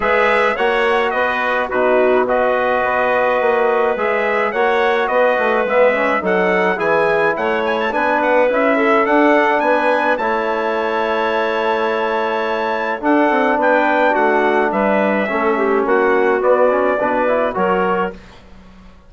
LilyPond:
<<
  \new Staff \with { instrumentName = "trumpet" } { \time 4/4 \tempo 4 = 106 e''4 fis''4 dis''4 b'4 | dis''2. e''4 | fis''4 dis''4 e''4 fis''4 | gis''4 fis''8 gis''16 a''16 gis''8 fis''8 e''4 |
fis''4 gis''4 a''2~ | a''2. fis''4 | g''4 fis''4 e''2 | fis''4 d''2 cis''4 | }
  \new Staff \with { instrumentName = "clarinet" } { \time 4/4 b'4 cis''4 b'4 fis'4 | b'1 | cis''4 b'2 a'4 | gis'4 cis''4 b'4. a'8~ |
a'4 b'4 cis''2~ | cis''2. a'4 | b'4 fis'4 b'4 a'8 g'8 | fis'2 b'4 ais'4 | }
  \new Staff \with { instrumentName = "trombone" } { \time 4/4 gis'4 fis'2 dis'4 | fis'2. gis'4 | fis'2 b8 cis'8 dis'4 | e'2 d'4 e'4 |
d'2 e'2~ | e'2. d'4~ | d'2. cis'4~ | cis'4 b8 cis'8 d'8 e'8 fis'4 | }
  \new Staff \with { instrumentName = "bassoon" } { \time 4/4 gis4 ais4 b4 b,4~ | b,4 b4 ais4 gis4 | ais4 b8 a8 gis4 fis4 | e4 a4 b4 cis'4 |
d'4 b4 a2~ | a2. d'8 c'8 | b4 a4 g4 a4 | ais4 b4 b,4 fis4 | }
>>